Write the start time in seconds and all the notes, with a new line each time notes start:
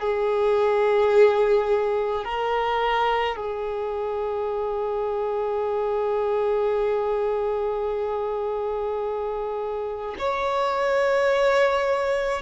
0.00 G#4
2.25 A#4
3.37 G#4
10.19 C#5